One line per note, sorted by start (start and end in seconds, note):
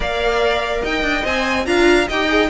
0.00 0.82 A#3
0.00 1.22 A#4
0.00 0.81 D5
0.00 0.84 F5
0.81 1.02 D#4
0.81 1.64 D#5
0.81 1.26 G5
1.02 1.23 D4
1.22 1.66 C4
1.22 1.64 C5
1.22 1.66 G#5
1.65 2.08 D4
1.65 2.07 F4
1.65 2.08 F5
1.65 2.07 A#5
2.08 2.49 D#4
2.08 2.28 G4
2.08 2.49 D#5
2.08 2.49 G5
2.28 2.48 G#4